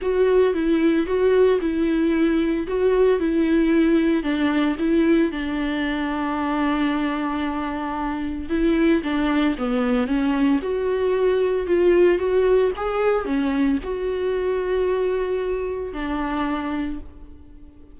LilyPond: \new Staff \with { instrumentName = "viola" } { \time 4/4 \tempo 4 = 113 fis'4 e'4 fis'4 e'4~ | e'4 fis'4 e'2 | d'4 e'4 d'2~ | d'1 |
e'4 d'4 b4 cis'4 | fis'2 f'4 fis'4 | gis'4 cis'4 fis'2~ | fis'2 d'2 | }